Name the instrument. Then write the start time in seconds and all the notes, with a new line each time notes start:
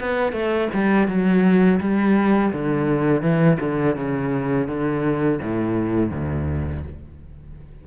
cello
0.00 B3
0.33 A3
0.74 G3
1.07 F#3
1.80 G3
2.53 D3
3.22 E3
3.60 D3
3.96 C#3
4.68 D3
5.42 A2
6.12 D2